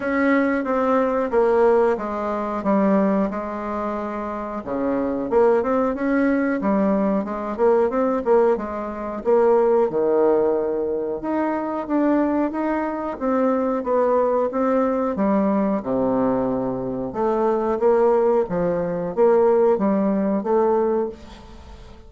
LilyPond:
\new Staff \with { instrumentName = "bassoon" } { \time 4/4 \tempo 4 = 91 cis'4 c'4 ais4 gis4 | g4 gis2 cis4 | ais8 c'8 cis'4 g4 gis8 ais8 | c'8 ais8 gis4 ais4 dis4~ |
dis4 dis'4 d'4 dis'4 | c'4 b4 c'4 g4 | c2 a4 ais4 | f4 ais4 g4 a4 | }